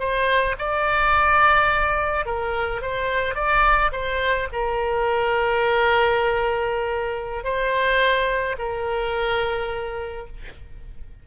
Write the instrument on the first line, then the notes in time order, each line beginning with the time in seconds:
oboe
0.00 C5
0.59 D5
2.26 A#4
2.82 C5
3.35 D5
3.92 C5
4.53 A#4
7.44 C5
8.59 A#4